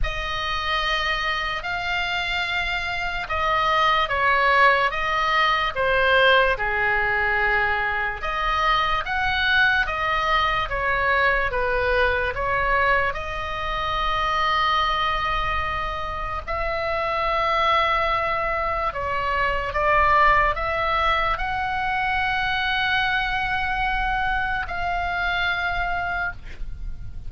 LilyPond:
\new Staff \with { instrumentName = "oboe" } { \time 4/4 \tempo 4 = 73 dis''2 f''2 | dis''4 cis''4 dis''4 c''4 | gis'2 dis''4 fis''4 | dis''4 cis''4 b'4 cis''4 |
dis''1 | e''2. cis''4 | d''4 e''4 fis''2~ | fis''2 f''2 | }